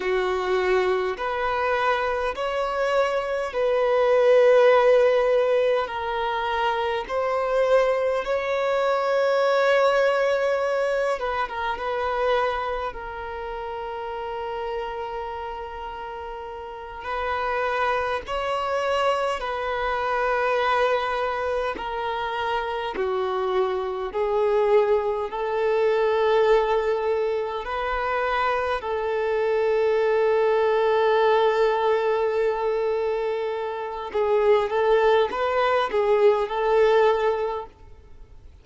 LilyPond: \new Staff \with { instrumentName = "violin" } { \time 4/4 \tempo 4 = 51 fis'4 b'4 cis''4 b'4~ | b'4 ais'4 c''4 cis''4~ | cis''4. b'16 ais'16 b'4 ais'4~ | ais'2~ ais'8 b'4 cis''8~ |
cis''8 b'2 ais'4 fis'8~ | fis'8 gis'4 a'2 b'8~ | b'8 a'2.~ a'8~ | a'4 gis'8 a'8 b'8 gis'8 a'4 | }